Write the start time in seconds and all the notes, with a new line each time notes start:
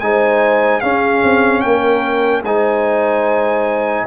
0.00 G#3 D#4 C5 G#5
0.80 C#4 G#4 F5
1.23 C4
1.61 A#3 A#4 G5
2.44 G#3 D#4 C5 G#5